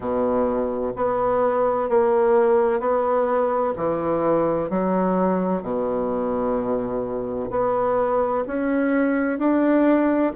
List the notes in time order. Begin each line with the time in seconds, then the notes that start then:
0.00 B2
0.95 B3
1.89 A#3
2.80 B3
3.76 E3
4.70 F#3
5.62 B2
7.50 B3
8.47 C#4
9.38 D4